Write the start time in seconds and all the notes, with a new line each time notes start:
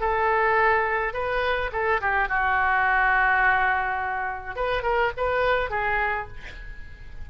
0.00 A4
1.13 B4
1.72 A4
2.01 G4
2.28 F#4
4.56 B4
4.83 A#4
5.17 B4
5.70 G#4